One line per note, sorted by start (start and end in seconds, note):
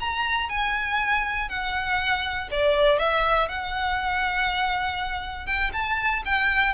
0.00 0.49 A#5
0.49 1.49 G#5
1.49 2.49 F#5
2.51 2.99 D5
2.99 3.48 E5
3.48 5.46 F#5
5.46 5.71 G5
5.72 6.22 A5
6.25 6.74 G5